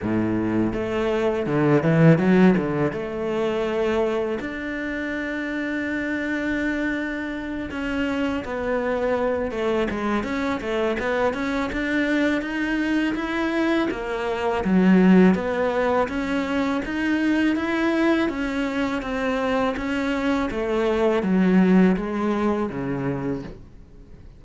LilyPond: \new Staff \with { instrumentName = "cello" } { \time 4/4 \tempo 4 = 82 a,4 a4 d8 e8 fis8 d8 | a2 d'2~ | d'2~ d'8 cis'4 b8~ | b4 a8 gis8 cis'8 a8 b8 cis'8 |
d'4 dis'4 e'4 ais4 | fis4 b4 cis'4 dis'4 | e'4 cis'4 c'4 cis'4 | a4 fis4 gis4 cis4 | }